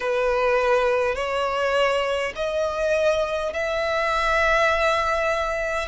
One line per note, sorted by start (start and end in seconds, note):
0.00 1.15 B4
1.15 2.32 C#5
2.35 3.53 D#5
3.53 5.88 E5